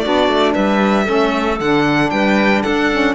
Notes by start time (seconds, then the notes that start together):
0.00 D4 F#4 D5
0.06 B3
0.28 A3
0.54 G3 B4 E5
1.05 A3 C#4 A4
1.60 D3 D4 F#5
2.10 G3 B4 G5
2.63 D4 A4 F#5
2.91 C#4